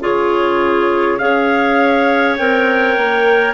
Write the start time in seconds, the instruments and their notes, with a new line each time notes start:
0.00 bassoon C#3, clarinet F4 G#4, trumpet C#5
1.18 bassoon C#4, clarinet G#4 C#5, trumpet F5
2.37 bassoon C4, clarinet A#4, trumpet G5
2.97 bassoon A#3